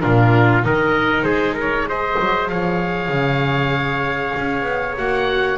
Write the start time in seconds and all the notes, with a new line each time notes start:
0.00 A#2 D4 F4 A#4
0.62 D#3 D#4 A#4 D#5
1.22 G#3 G#4 C5
1.54 A#4
1.61 C#5
1.89 G#4 C5 D#5
2.20 F#3
2.48 F3 C#5 F5
3.09 C#3
4.37 C#4
4.62 B3
4.97 A#3 F#4 F#5